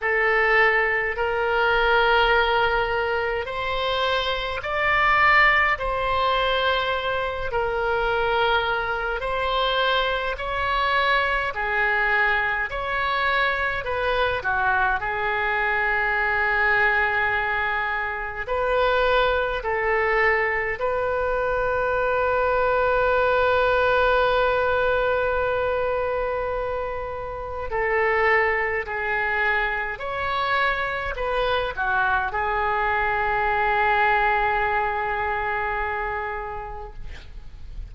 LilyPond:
\new Staff \with { instrumentName = "oboe" } { \time 4/4 \tempo 4 = 52 a'4 ais'2 c''4 | d''4 c''4. ais'4. | c''4 cis''4 gis'4 cis''4 | b'8 fis'8 gis'2. |
b'4 a'4 b'2~ | b'1 | a'4 gis'4 cis''4 b'8 fis'8 | gis'1 | }